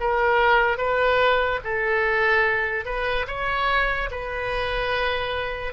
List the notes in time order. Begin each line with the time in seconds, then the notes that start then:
0.00 A#4
0.78 B4
1.64 A4
2.85 B4
3.28 C#5
4.11 B4